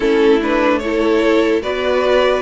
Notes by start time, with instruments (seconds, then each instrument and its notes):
0.00 cello A3, viola C#4, violin E4 A4
0.41 viola D4, violin B4
0.79 viola E4, violin A4 C#5
1.62 cello B3, viola F#4, violin B4 D5